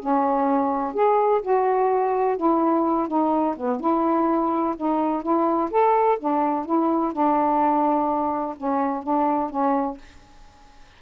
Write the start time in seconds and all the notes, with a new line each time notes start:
0.00 C#4
0.94 G#4
1.42 F#4
2.37 E4
3.08 D#4
3.57 B3
3.80 E4
4.77 D#4
5.23 E4
5.71 A4
6.19 D4
6.66 E4
7.13 D4
8.57 C#4
9.03 D4
9.50 C#4